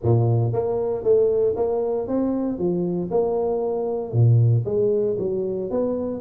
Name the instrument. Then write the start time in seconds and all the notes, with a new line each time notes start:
tuba
0.02 A#2
0.53 A#3
1.03 A3
1.56 A#3
2.07 C4
2.58 F3
3.10 A#3
4.12 A#2
4.65 G#3
5.18 F#3
5.70 B3